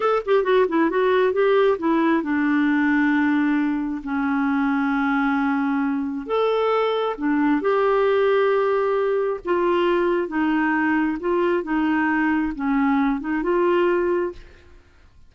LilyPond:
\new Staff \with { instrumentName = "clarinet" } { \time 4/4 \tempo 4 = 134 a'8 g'8 fis'8 e'8 fis'4 g'4 | e'4 d'2.~ | d'4 cis'2.~ | cis'2 a'2 |
d'4 g'2.~ | g'4 f'2 dis'4~ | dis'4 f'4 dis'2 | cis'4. dis'8 f'2 | }